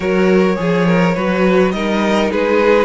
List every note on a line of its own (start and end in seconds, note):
0.00 0.56 F#3
0.00 0.56 F#4
0.00 0.57 A#4
0.00 1.71 C#5
0.56 1.15 F3
0.56 1.13 G#4
0.56 0.87 G#4
0.87 1.15 A#4
1.15 1.72 F#3
1.15 1.74 F#4
1.15 1.72 B4
1.71 2.30 G3
1.71 2.85 D#4
1.71 2.31 A#4
1.71 2.28 D#5
2.31 2.85 G#3
2.31 2.85 G#4
2.31 2.85 B4